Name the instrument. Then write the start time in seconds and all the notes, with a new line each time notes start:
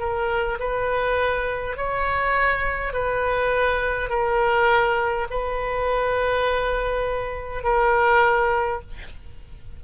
oboe
0.00 A#4
0.59 B4
1.76 C#5
2.94 B4
4.10 A#4
5.30 B4
7.64 A#4